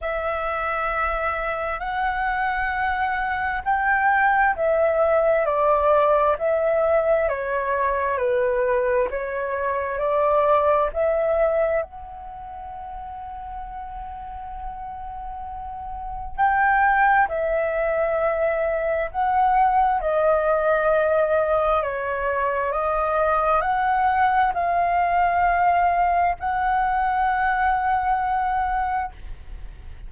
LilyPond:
\new Staff \with { instrumentName = "flute" } { \time 4/4 \tempo 4 = 66 e''2 fis''2 | g''4 e''4 d''4 e''4 | cis''4 b'4 cis''4 d''4 | e''4 fis''2.~ |
fis''2 g''4 e''4~ | e''4 fis''4 dis''2 | cis''4 dis''4 fis''4 f''4~ | f''4 fis''2. | }